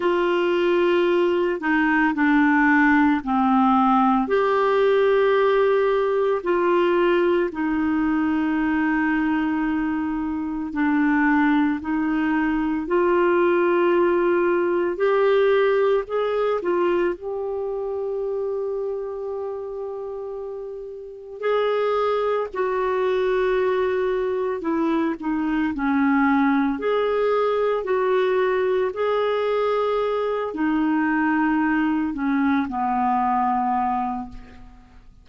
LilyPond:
\new Staff \with { instrumentName = "clarinet" } { \time 4/4 \tempo 4 = 56 f'4. dis'8 d'4 c'4 | g'2 f'4 dis'4~ | dis'2 d'4 dis'4 | f'2 g'4 gis'8 f'8 |
g'1 | gis'4 fis'2 e'8 dis'8 | cis'4 gis'4 fis'4 gis'4~ | gis'8 dis'4. cis'8 b4. | }